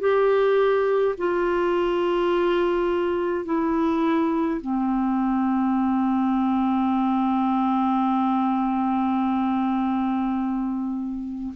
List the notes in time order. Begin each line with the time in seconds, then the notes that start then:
0.00 G4
1.18 F4
3.46 E4
4.62 C4